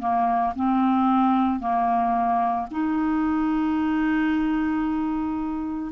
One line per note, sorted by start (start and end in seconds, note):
0.00 0.54 A#3
0.56 1.60 C4
1.60 2.67 A#3
2.71 5.92 D#4